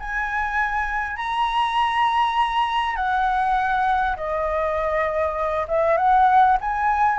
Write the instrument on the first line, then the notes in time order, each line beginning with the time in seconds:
flute
0.00 G#5
1.17 A#5
2.96 F#5
4.17 D#5
5.69 E5
5.98 F#5
6.61 G#5